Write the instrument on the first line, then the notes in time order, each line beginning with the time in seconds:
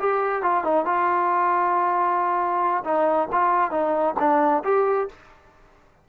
trombone
0.00 G4
0.43 F4
0.65 D#4
0.85 F4
2.85 D#4
3.32 F4
3.71 D#4
4.20 D4
4.65 G4